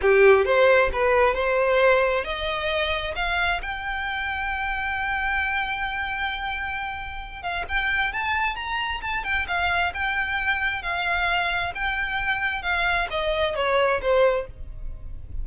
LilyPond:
\new Staff \with { instrumentName = "violin" } { \time 4/4 \tempo 4 = 133 g'4 c''4 b'4 c''4~ | c''4 dis''2 f''4 | g''1~ | g''1~ |
g''8 f''8 g''4 a''4 ais''4 | a''8 g''8 f''4 g''2 | f''2 g''2 | f''4 dis''4 cis''4 c''4 | }